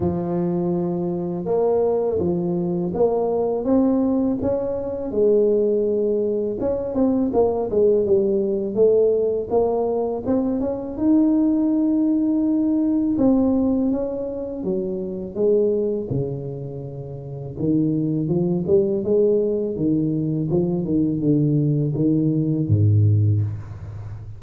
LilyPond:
\new Staff \with { instrumentName = "tuba" } { \time 4/4 \tempo 4 = 82 f2 ais4 f4 | ais4 c'4 cis'4 gis4~ | gis4 cis'8 c'8 ais8 gis8 g4 | a4 ais4 c'8 cis'8 dis'4~ |
dis'2 c'4 cis'4 | fis4 gis4 cis2 | dis4 f8 g8 gis4 dis4 | f8 dis8 d4 dis4 gis,4 | }